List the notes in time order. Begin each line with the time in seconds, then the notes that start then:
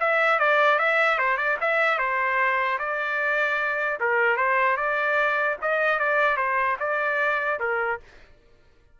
0.00 E5
0.39 D5
0.79 E5
1.18 C5
1.37 D5
1.61 E5
1.98 C5
2.79 D5
4.00 A#4
4.37 C5
4.77 D5
5.61 D#5
5.99 D5
6.37 C5
6.80 D5
7.59 A#4